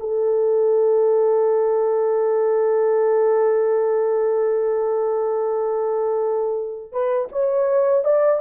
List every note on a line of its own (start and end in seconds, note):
0.00 6.92 A4
6.92 7.28 B4
7.32 8.04 C#5
8.04 8.40 D5